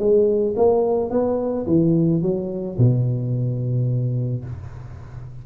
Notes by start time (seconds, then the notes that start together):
0.00 G#3
0.57 A#3
1.11 B3
1.67 E3
2.22 F#3
2.78 B2